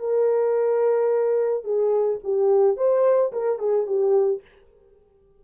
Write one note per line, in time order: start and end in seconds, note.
0.00 1.64 A#4
1.64 2.19 G#4
2.24 2.77 G4
2.77 3.32 C5
3.33 3.59 A#4
3.59 3.87 G#4
3.87 4.42 G4